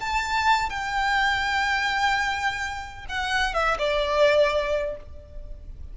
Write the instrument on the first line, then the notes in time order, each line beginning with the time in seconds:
violin
0.00 A5
0.70 G5
3.09 F#5
3.54 E5
3.79 D5